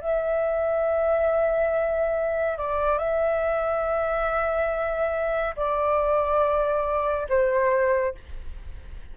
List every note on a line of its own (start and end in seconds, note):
0.00 2.57 E5
2.57 2.98 D5
2.98 5.55 E5
5.56 7.27 D5
7.29 8.14 C5